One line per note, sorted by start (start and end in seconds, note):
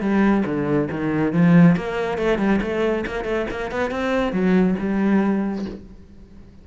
0.00 0.43 G3
0.45 0.88 D3
0.91 1.32 D#3
1.32 1.75 F3
1.76 2.18 A#3
2.18 2.38 A3
2.38 2.60 G3
2.61 3.05 A3
3.06 3.24 A#3
3.24 3.46 A3
3.50 3.71 A#3
3.71 3.91 B3
3.91 4.32 C4
4.32 4.75 F#3
4.78 5.65 G3